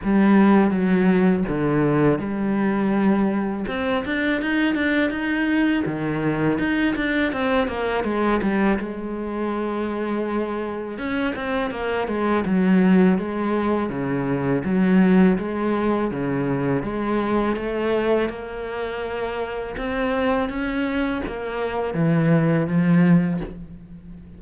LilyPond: \new Staff \with { instrumentName = "cello" } { \time 4/4 \tempo 4 = 82 g4 fis4 d4 g4~ | g4 c'8 d'8 dis'8 d'8 dis'4 | dis4 dis'8 d'8 c'8 ais8 gis8 g8 | gis2. cis'8 c'8 |
ais8 gis8 fis4 gis4 cis4 | fis4 gis4 cis4 gis4 | a4 ais2 c'4 | cis'4 ais4 e4 f4 | }